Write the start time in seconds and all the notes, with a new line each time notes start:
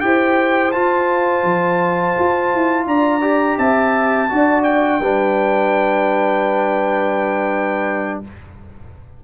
0.00 E4 G4 C5 G5
0.72 F4 A5
1.43 F3
2.19 F4
2.54 E4
2.86 D4 D5 A#5
3.21 G4
3.58 C4 E5 A5
4.29 D4 F#4 D5
4.63 G5
4.99 G3 D4 B4